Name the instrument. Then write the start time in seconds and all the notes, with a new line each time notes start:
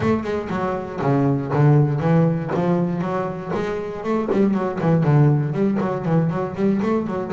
double bass
0.00 A3
0.23 G#3
0.49 F#3
1.01 C#3
1.53 D3
2.00 E3
2.54 F3
3.01 F#3
3.54 G#3
4.03 A3
4.32 G3
4.54 F#3
4.80 E3
5.03 D3
5.52 G3
5.80 F#3
6.05 E3
6.29 F#3
6.55 G3
6.82 A3
7.06 F#3